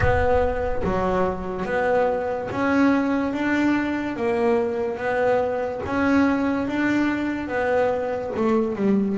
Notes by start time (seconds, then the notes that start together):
0.00 B3
0.83 F#3
1.65 B3
2.51 C#4
3.33 D4
4.16 A#3
4.97 B3
5.86 C#4
6.67 D4
7.48 B3
8.36 A3
8.75 G3